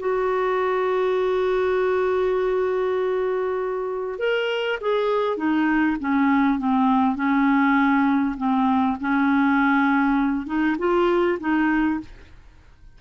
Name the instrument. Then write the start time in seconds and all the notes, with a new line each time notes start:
clarinet
0.00 F#4
4.19 A#4
4.81 G#4
5.37 D#4
6.00 C#4
6.59 C4
7.16 C#4
8.38 C4
9.01 C#4
10.47 D#4
10.79 F4
11.40 D#4